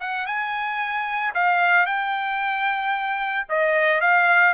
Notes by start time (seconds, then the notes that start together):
0.00 F#5
0.27 G#5
1.35 F5
1.86 G5
3.49 D#5
4.01 F5